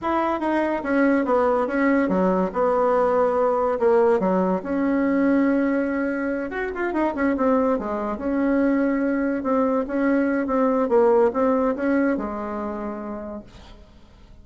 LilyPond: \new Staff \with { instrumentName = "bassoon" } { \time 4/4 \tempo 4 = 143 e'4 dis'4 cis'4 b4 | cis'4 fis4 b2~ | b4 ais4 fis4 cis'4~ | cis'2.~ cis'8 fis'8 |
f'8 dis'8 cis'8 c'4 gis4 cis'8~ | cis'2~ cis'8 c'4 cis'8~ | cis'4 c'4 ais4 c'4 | cis'4 gis2. | }